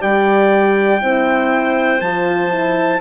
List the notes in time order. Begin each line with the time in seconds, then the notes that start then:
0.00 G3 G4 D5 G5
1.01 C4 E4 C5
2.01 F3 F4 A5
2.50 E4